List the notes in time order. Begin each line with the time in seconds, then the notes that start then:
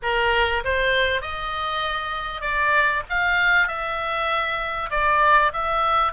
0.02 A#4
0.64 C5
1.21 D#5
2.41 D5
3.09 F5
3.67 E5
4.90 D5
5.53 E5